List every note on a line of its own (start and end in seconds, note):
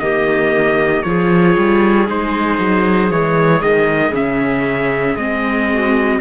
0.00 1.04 D#3
0.00 1.05 A#3
0.00 1.06 G4
0.00 1.03 D#5
1.03 1.57 F3
1.03 2.08 F4
1.03 5.72 G#4
1.03 2.06 C#5
1.58 2.09 G3
2.08 2.59 G#3
2.08 3.11 D#4
2.08 3.12 C5
2.59 3.11 F#3
3.11 3.62 E3
3.11 4.14 G#3
3.11 3.62 C#5
3.62 4.12 D#3
3.62 4.14 D#5
4.12 5.16 C#3
4.12 5.18 C#4
4.12 5.17 E5
5.16 6.20 G#3
5.16 6.21 C4
5.16 6.21 D#5
5.74 6.21 F#4